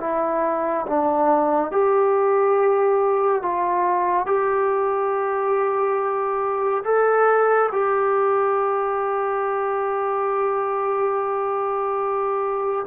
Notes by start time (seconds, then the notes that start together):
0.00 E4
0.86 D4
1.71 G4
3.42 F4
4.26 G4
6.84 A4
7.71 G4